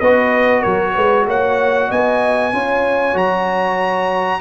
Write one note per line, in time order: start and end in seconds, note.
0.00 0.64 B3
0.00 2.53 F#4
0.00 0.61 B4
0.00 0.62 D#5
0.61 0.96 F#3
0.61 0.92 A#4
0.61 1.26 C#5
0.93 1.27 G#3
0.93 1.25 B4
1.27 1.90 A#3
1.27 1.88 C#5
1.27 1.91 F#5
1.88 2.52 B3
1.88 2.51 D#5
1.88 3.17 G#5
2.52 3.14 C#4
2.52 3.14 F4
2.52 4.41 C#5
3.14 4.41 F#3
3.14 4.40 F#4
3.14 4.41 A#5